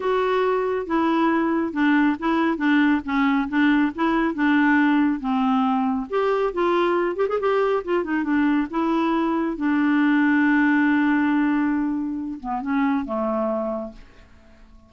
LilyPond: \new Staff \with { instrumentName = "clarinet" } { \time 4/4 \tempo 4 = 138 fis'2 e'2 | d'4 e'4 d'4 cis'4 | d'4 e'4 d'2 | c'2 g'4 f'4~ |
f'8 g'16 gis'16 g'4 f'8 dis'8 d'4 | e'2 d'2~ | d'1~ | d'8 b8 cis'4 a2 | }